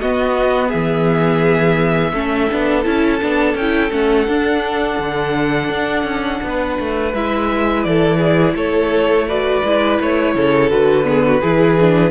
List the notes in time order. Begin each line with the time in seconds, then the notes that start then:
0.00 B3 F#4 D#5
0.68 E3 G#4 E5
2.12 A3 C#4 A4
2.51 B3 D4
2.83 C#4 E4 A5
3.21 B3 D4
3.55 C#4 G5
3.61 E4
3.91 A3 C#4 F#5
4.28 D4
4.99 D3
5.69 D4
6.03 C#4
6.43 B3 B4
6.79 A3
7.13 G#3 E4 E5
7.83 E3 A4 D5
8.18 G#4
8.54 A3 A4 C#5
9.27 F#4 B4 D5
9.63 G#3 E4
10.00 A3 C#5
10.35 C#3 A4
10.70 D3 F#4 B4
11.04 B3 G#4
11.26 F#4
11.41 E3 E4 G#4
11.80 D4